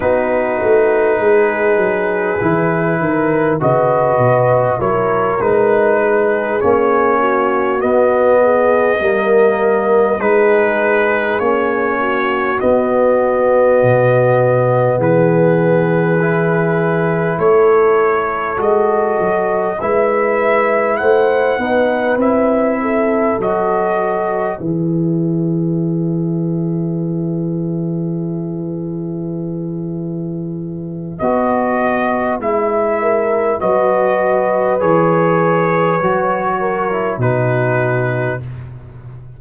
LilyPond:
<<
  \new Staff \with { instrumentName = "trumpet" } { \time 4/4 \tempo 4 = 50 b'2. dis''4 | cis''8 b'4 cis''4 dis''4.~ | dis''8 b'4 cis''4 dis''4.~ | dis''8 b'2 cis''4 dis''8~ |
dis''8 e''4 fis''4 e''4 dis''8~ | dis''8 e''2.~ e''8~ | e''2 dis''4 e''4 | dis''4 cis''2 b'4 | }
  \new Staff \with { instrumentName = "horn" } { \time 4/4 fis'4 gis'4. ais'8 b'4 | ais'4 gis'4 fis'4 gis'8 ais'8~ | ais'8 gis'4. fis'2~ | fis'8 gis'2 a'4.~ |
a'8 b'4 c''8 b'4 a'4~ | a'8 b'2.~ b'8~ | b'2.~ b'8 ais'8 | b'2~ b'8 ais'8 fis'4 | }
  \new Staff \with { instrumentName = "trombone" } { \time 4/4 dis'2 e'4 fis'4 | e'8 dis'4 cis'4 b4 ais8~ | ais8 dis'4 cis'4 b4.~ | b4. e'2 fis'8~ |
fis'8 e'4. dis'8 e'4 fis'8~ | fis'8 gis'2.~ gis'8~ | gis'2 fis'4 e'4 | fis'4 gis'4 fis'8. e'16 dis'4 | }
  \new Staff \with { instrumentName = "tuba" } { \time 4/4 b8 a8 gis8 fis8 e8 dis8 cis8 b,8 | fis8 gis4 ais4 b4 g8~ | g8 gis4 ais4 b4 b,8~ | b,8 e2 a4 gis8 |
fis8 gis4 a8 b8 c'4 fis8~ | fis8 e2.~ e8~ | e2 b4 gis4 | fis4 e4 fis4 b,4 | }
>>